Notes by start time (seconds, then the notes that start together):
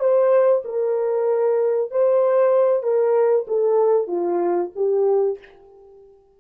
0.00 C5
0.65 A#4
1.91 C5
2.84 A#4
3.48 A4
4.08 F4
4.76 G4